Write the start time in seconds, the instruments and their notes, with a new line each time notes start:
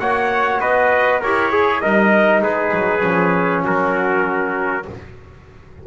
0.00 double bass A#3, trombone F#4, trumpet C#5 F#5
0.61 double bass B3, trumpet B4 D#5
1.21 double bass E4, trombone G4, trumpet A#4 C#5
1.52 trombone G#4, trumpet G#4
1.81 double bass G3, trombone D#4, trumpet A#4 D#5
2.42 double bass G#3, trumpet G#4 B4
2.73 double bass F#3
3.01 double bass F3, trombone C#4
3.65 double bass F#3, trumpet F#4 A#4